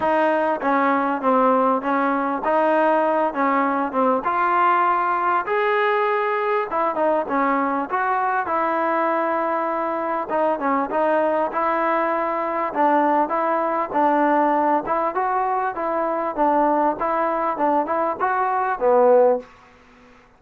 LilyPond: \new Staff \with { instrumentName = "trombone" } { \time 4/4 \tempo 4 = 99 dis'4 cis'4 c'4 cis'4 | dis'4. cis'4 c'8 f'4~ | f'4 gis'2 e'8 dis'8 | cis'4 fis'4 e'2~ |
e'4 dis'8 cis'8 dis'4 e'4~ | e'4 d'4 e'4 d'4~ | d'8 e'8 fis'4 e'4 d'4 | e'4 d'8 e'8 fis'4 b4 | }